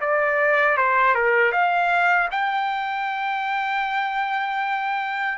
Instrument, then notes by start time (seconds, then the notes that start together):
trumpet
0.00 D5
0.77 C5
1.14 A#4
1.52 F5
2.31 G5